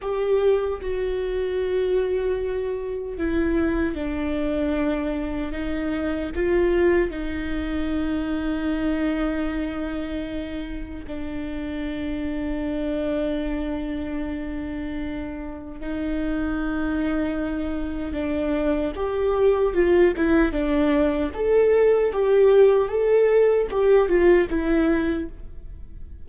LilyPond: \new Staff \with { instrumentName = "viola" } { \time 4/4 \tempo 4 = 76 g'4 fis'2. | e'4 d'2 dis'4 | f'4 dis'2.~ | dis'2 d'2~ |
d'1 | dis'2. d'4 | g'4 f'8 e'8 d'4 a'4 | g'4 a'4 g'8 f'8 e'4 | }